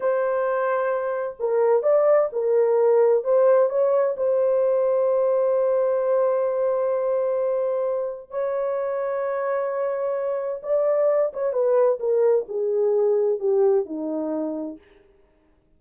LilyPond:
\new Staff \with { instrumentName = "horn" } { \time 4/4 \tempo 4 = 130 c''2. ais'4 | d''4 ais'2 c''4 | cis''4 c''2.~ | c''1~ |
c''2 cis''2~ | cis''2. d''4~ | d''8 cis''8 b'4 ais'4 gis'4~ | gis'4 g'4 dis'2 | }